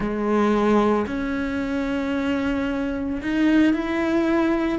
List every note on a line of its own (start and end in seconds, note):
0.00 1.05 G#3
1.07 3.21 C#4
3.22 3.73 D#4
3.73 4.79 E4